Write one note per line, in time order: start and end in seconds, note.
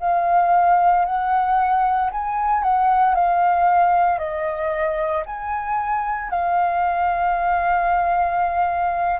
0.00 1.05 F5
1.05 2.11 F#5
2.11 2.63 G#5
2.63 3.14 F#5
3.14 4.18 F5
4.18 5.23 D#5
5.26 6.30 G#5
6.30 9.20 F5